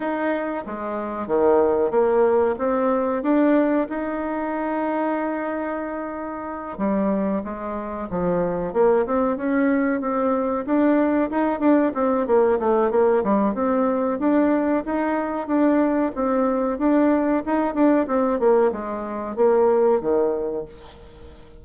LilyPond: \new Staff \with { instrumentName = "bassoon" } { \time 4/4 \tempo 4 = 93 dis'4 gis4 dis4 ais4 | c'4 d'4 dis'2~ | dis'2~ dis'8 g4 gis8~ | gis8 f4 ais8 c'8 cis'4 c'8~ |
c'8 d'4 dis'8 d'8 c'8 ais8 a8 | ais8 g8 c'4 d'4 dis'4 | d'4 c'4 d'4 dis'8 d'8 | c'8 ais8 gis4 ais4 dis4 | }